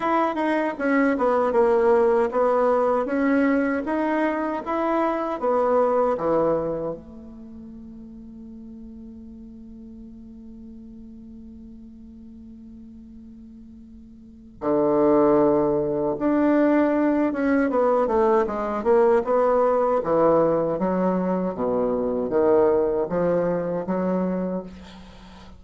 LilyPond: \new Staff \with { instrumentName = "bassoon" } { \time 4/4 \tempo 4 = 78 e'8 dis'8 cis'8 b8 ais4 b4 | cis'4 dis'4 e'4 b4 | e4 a2.~ | a1~ |
a2. d4~ | d4 d'4. cis'8 b8 a8 | gis8 ais8 b4 e4 fis4 | b,4 dis4 f4 fis4 | }